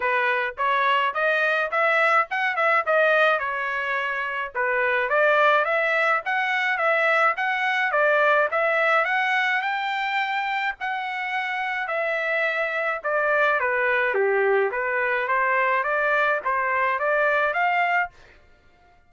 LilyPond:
\new Staff \with { instrumentName = "trumpet" } { \time 4/4 \tempo 4 = 106 b'4 cis''4 dis''4 e''4 | fis''8 e''8 dis''4 cis''2 | b'4 d''4 e''4 fis''4 | e''4 fis''4 d''4 e''4 |
fis''4 g''2 fis''4~ | fis''4 e''2 d''4 | b'4 g'4 b'4 c''4 | d''4 c''4 d''4 f''4 | }